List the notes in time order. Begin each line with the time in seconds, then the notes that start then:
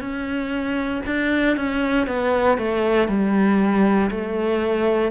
0.00 C#4
1.06 D4
1.57 C#4
2.07 B3
2.58 A3
3.08 G3
4.10 A3